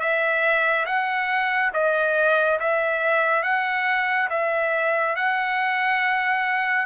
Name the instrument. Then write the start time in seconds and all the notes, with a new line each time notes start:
trumpet
0.00 E5
0.86 F#5
1.73 D#5
2.60 E5
3.43 F#5
4.30 E5
5.16 F#5